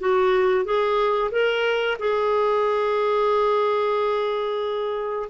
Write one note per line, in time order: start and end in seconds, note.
0.00 0.65 F#4
0.65 1.31 G#4
1.32 1.98 A#4
2.00 5.29 G#4